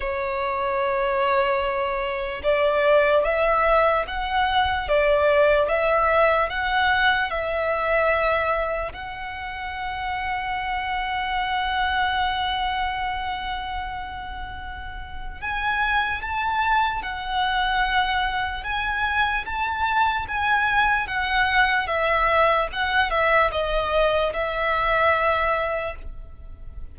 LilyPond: \new Staff \with { instrumentName = "violin" } { \time 4/4 \tempo 4 = 74 cis''2. d''4 | e''4 fis''4 d''4 e''4 | fis''4 e''2 fis''4~ | fis''1~ |
fis''2. gis''4 | a''4 fis''2 gis''4 | a''4 gis''4 fis''4 e''4 | fis''8 e''8 dis''4 e''2 | }